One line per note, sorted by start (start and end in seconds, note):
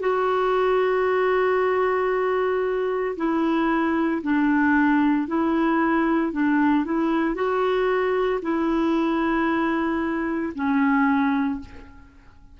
0.00 3.16 F#4
3.17 4.22 E4
4.22 5.27 D4
5.27 6.33 E4
6.33 6.85 D4
6.85 7.35 E4
7.35 8.40 F#4
8.42 10.53 E4
10.55 11.60 C#4